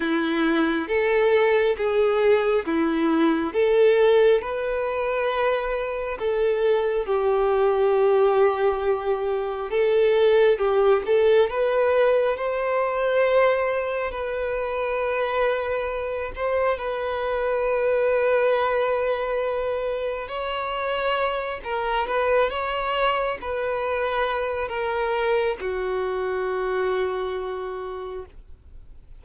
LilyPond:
\new Staff \with { instrumentName = "violin" } { \time 4/4 \tempo 4 = 68 e'4 a'4 gis'4 e'4 | a'4 b'2 a'4 | g'2. a'4 | g'8 a'8 b'4 c''2 |
b'2~ b'8 c''8 b'4~ | b'2. cis''4~ | cis''8 ais'8 b'8 cis''4 b'4. | ais'4 fis'2. | }